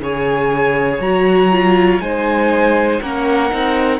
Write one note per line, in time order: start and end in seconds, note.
0.00 0.99 C#3
0.00 1.01 G#4
0.00 2.02 C#5
0.00 1.01 G#5
0.99 1.99 F#3
0.99 1.52 F#4
0.99 2.00 A#5
1.52 2.02 F4
2.00 3.00 G#3
2.00 3.02 D#4
2.00 3.02 C5
2.00 3.00 G#5
3.01 3.51 A#3
3.01 3.50 C#4
3.01 3.99 A#4
3.01 3.99 F#5
3.50 3.99 C4
3.50 3.99 D#4